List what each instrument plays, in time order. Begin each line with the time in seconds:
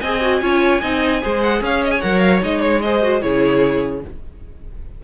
0.00 cello C4, viola G#4, violin D#5 G#5
0.21 viola F#4
0.41 cello C#4, viola F4, violin C#5
0.81 cello C4, viola D#4, violin D#5
1.21 cello G#3, viola G#4, violin C5
1.42 violin F#5
1.61 cello C#4, violin C#5 F5
1.84 violin D#5
1.91 violin G#5
2.01 cello F#3, viola A#4, violin F#5
2.19 violin F5
2.41 cello G#3, viola D#4, violin D#5
2.61 violin C#5
2.81 viola G#4, violin C5 D#5
3.02 viola F#4
3.21 cello C#3, viola E4, violin G#4 C#5